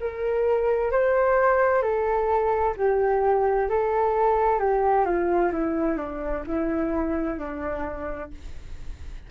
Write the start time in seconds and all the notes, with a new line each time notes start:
0.00 A#4
0.91 C5
1.82 A4
2.77 G4
3.69 A4
4.59 G4
5.05 F4
5.52 E4
5.97 D4
6.47 E4
7.38 D4